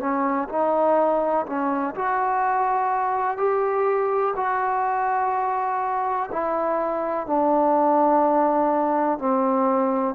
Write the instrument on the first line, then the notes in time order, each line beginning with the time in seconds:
trombone
0.00 C#4
0.49 D#4
1.46 C#4
1.95 F#4
3.38 G4
4.36 F#4
6.32 E4
7.27 D4
9.19 C4